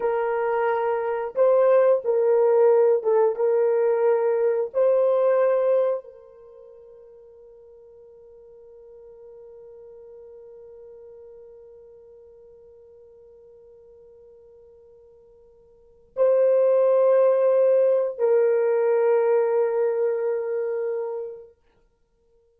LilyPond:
\new Staff \with { instrumentName = "horn" } { \time 4/4 \tempo 4 = 89 ais'2 c''4 ais'4~ | ais'8 a'8 ais'2 c''4~ | c''4 ais'2.~ | ais'1~ |
ais'1~ | ais'1 | c''2. ais'4~ | ais'1 | }